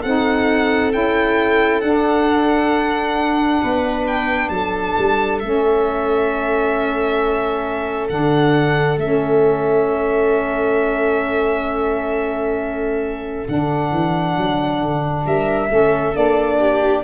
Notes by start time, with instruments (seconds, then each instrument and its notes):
0.00 tuba C4, saxophone D#4, viola A4, violin F#5
0.92 tuba C#4, saxophone E4, violin G5
1.81 tuba D4, saxophone D4, violin F#5
3.62 tuba B3, viola B4
4.07 violin G5
4.49 tuba F#3, viola A4, violin A5
4.98 tuba G3
5.39 tuba A3, saxophone C#4, violin E5
8.08 tuba D3, saxophone D4, violin F#5
8.97 tuba A3, saxophone C#4, violin E5
13.45 tuba D3, saxophone D4, violin F#5
13.91 tuba E3
14.37 tuba F#3
14.81 tuba D3
15.26 tuba G3, viola A#4, violin E5
15.69 tuba A3, saxophone C#4, viola A4
16.13 tuba A#3, saxophone D4, violin D5
16.60 viola G4